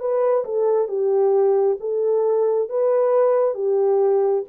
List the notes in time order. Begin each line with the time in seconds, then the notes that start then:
0.00 B4
0.45 A4
0.88 G4
1.80 A4
2.69 B4
3.55 G4